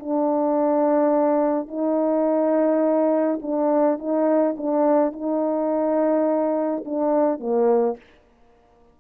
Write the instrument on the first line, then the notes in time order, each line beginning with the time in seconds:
horn
0.00 D4
1.69 D#4
3.43 D4
3.99 D#4
4.58 D4
5.13 D#4
6.86 D4
7.40 A#3